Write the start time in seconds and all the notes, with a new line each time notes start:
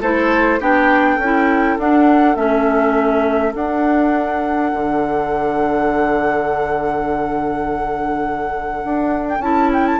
0.00 A3 E4 A4 C5
0.60 B3 D4 G4 G5
1.15 C#4 A4
1.24 E4
1.78 D4 F#5
2.35 A3 C#4 E5
3.53 D4 F#5
4.73 D3
8.84 D4
9.29 G5
9.39 C#4 E4 A5
9.73 G5
9.87 A5